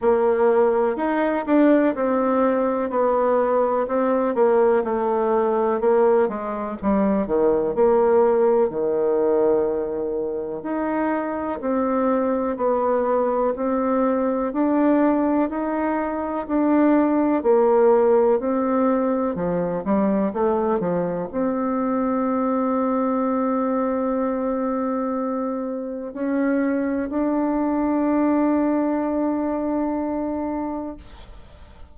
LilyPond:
\new Staff \with { instrumentName = "bassoon" } { \time 4/4 \tempo 4 = 62 ais4 dis'8 d'8 c'4 b4 | c'8 ais8 a4 ais8 gis8 g8 dis8 | ais4 dis2 dis'4 | c'4 b4 c'4 d'4 |
dis'4 d'4 ais4 c'4 | f8 g8 a8 f8 c'2~ | c'2. cis'4 | d'1 | }